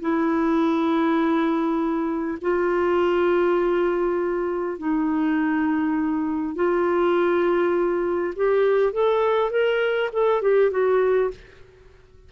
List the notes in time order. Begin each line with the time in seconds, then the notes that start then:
0.00 E4
2.41 F4
4.78 D#4
6.55 F4
8.35 G4
8.92 A4
9.50 A#4
10.12 A4
10.41 G4
10.71 F#4